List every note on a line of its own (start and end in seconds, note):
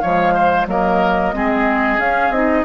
0.00 0.67 F3
0.00 0.68 G#3
0.00 0.34 C#5
0.00 0.66 F5
0.34 0.67 C5
0.67 1.33 F#3
0.67 1.33 A#3
0.67 1.35 A#4
0.67 2.00 D#5
1.33 1.98 G#3
1.33 1.99 C4
1.33 2.65 G#4
1.98 2.30 C#4
1.98 2.34 C#4
1.98 2.32 F5
2.30 2.63 C4
2.30 2.65 D#4
2.30 2.65 D#5